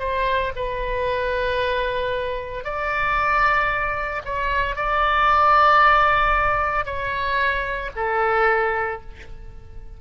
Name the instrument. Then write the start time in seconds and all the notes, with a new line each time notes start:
oboe
0.00 C5
0.56 B4
2.64 D5
4.25 C#5
4.76 D5
6.86 C#5
7.96 A4